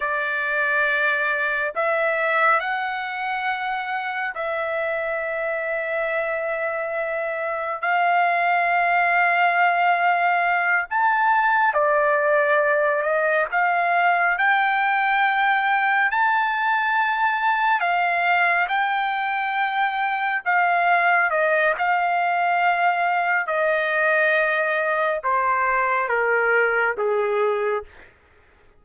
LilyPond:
\new Staff \with { instrumentName = "trumpet" } { \time 4/4 \tempo 4 = 69 d''2 e''4 fis''4~ | fis''4 e''2.~ | e''4 f''2.~ | f''8 a''4 d''4. dis''8 f''8~ |
f''8 g''2 a''4.~ | a''8 f''4 g''2 f''8~ | f''8 dis''8 f''2 dis''4~ | dis''4 c''4 ais'4 gis'4 | }